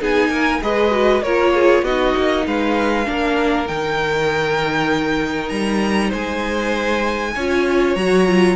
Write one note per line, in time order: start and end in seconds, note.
0.00 0.29 B3
0.00 0.61 D#4
0.00 0.29 G#4
0.00 0.62 G#5
0.29 0.60 A#3
0.29 0.60 A#4
0.61 1.22 G#3
0.61 0.91 G#4
0.61 1.23 B4
0.61 1.23 D#5
0.91 1.22 F#4
1.22 1.82 A#3
1.22 1.86 F4
1.22 1.53 A#4
1.22 1.84 C#5
1.54 1.84 G#4
1.82 2.13 B3
1.82 3.05 D#4
1.82 2.45 F#4
1.82 2.45 D#5
2.17 2.46 A#3
2.46 3.07 G#3
2.46 3.07 B4
2.46 3.67 F5
3.05 3.69 A#3
3.05 3.66 D4
3.05 6.08 A#4
3.67 5.50 D#3
3.67 7.34 D#4
3.67 5.49 G5
5.49 6.11 G3
5.49 6.10 A#5
6.08 7.35 G#3
6.08 7.31 C5
6.08 7.95 G#5
7.35 7.95 C#4
7.35 7.97 F4
7.35 8.56 C#5
7.95 8.56 F#3
7.95 8.26 F#4
7.95 8.56 A#5
8.26 8.56 F4